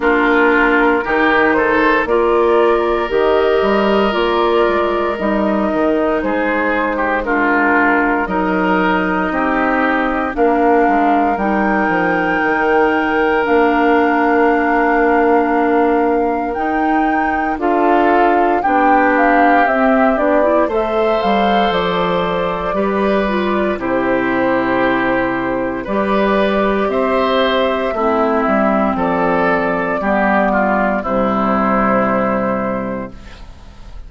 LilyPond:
<<
  \new Staff \with { instrumentName = "flute" } { \time 4/4 \tempo 4 = 58 ais'4. c''8 d''4 dis''4 | d''4 dis''4 c''4 ais'4 | dis''2 f''4 g''4~ | g''4 f''2. |
g''4 f''4 g''8 f''8 e''8 d''8 | e''8 f''8 d''2 c''4~ | c''4 d''4 e''2 | d''2 c''2 | }
  \new Staff \with { instrumentName = "oboe" } { \time 4/4 f'4 g'8 a'8 ais'2~ | ais'2 gis'8. g'16 f'4 | ais'4 g'4 ais'2~ | ais'1~ |
ais'4 a'4 g'2 | c''2 b'4 g'4~ | g'4 b'4 c''4 e'4 | a'4 g'8 f'8 e'2 | }
  \new Staff \with { instrumentName = "clarinet" } { \time 4/4 d'4 dis'4 f'4 g'4 | f'4 dis'2 d'4 | dis'2 d'4 dis'4~ | dis'4 d'2. |
dis'4 f'4 d'4 c'8 d'16 e'16 | a'2 g'8 f'8 e'4~ | e'4 g'2 c'4~ | c'4 b4 g2 | }
  \new Staff \with { instrumentName = "bassoon" } { \time 4/4 ais4 dis4 ais4 dis8 g8 | ais8 gis8 g8 dis8 gis2 | fis4 c'4 ais8 gis8 g8 f8 | dis4 ais2. |
dis'4 d'4 b4 c'8 b8 | a8 g8 f4 g4 c4~ | c4 g4 c'4 a8 g8 | f4 g4 c2 | }
>>